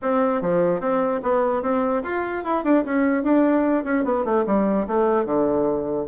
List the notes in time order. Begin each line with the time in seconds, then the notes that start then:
0.02 C4
0.41 F3
0.80 C4
1.22 B3
1.62 C4
2.03 F4
2.44 E4
2.64 D4
2.84 C#4
3.23 D4
3.84 C#4
4.04 B3
4.24 A3
4.46 G3
4.87 A3
5.25 D3